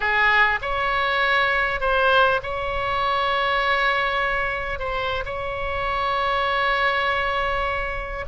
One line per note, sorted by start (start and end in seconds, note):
0.00 0.59 G#4
0.61 1.80 C#5
1.80 2.40 C5
2.42 4.79 C#5
4.79 5.24 C5
5.25 8.25 C#5